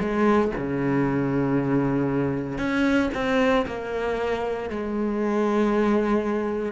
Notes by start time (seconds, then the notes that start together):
0.00 G#3
0.57 C#3
2.58 C#4
3.14 C4
3.66 A#3
4.70 G#3